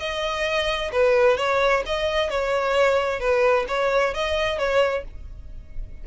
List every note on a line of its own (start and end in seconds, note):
0.00 0.92 D#5
0.92 1.38 B4
1.38 1.84 C#5
1.87 2.30 D#5
2.30 3.20 C#5
3.20 3.66 B4
3.68 4.14 C#5
4.14 4.59 D#5
4.59 5.04 C#5